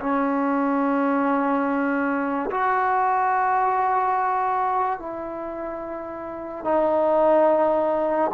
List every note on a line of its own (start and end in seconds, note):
0.00 2.50 C#4
2.50 4.99 F#4
4.99 6.65 E4
6.65 8.31 D#4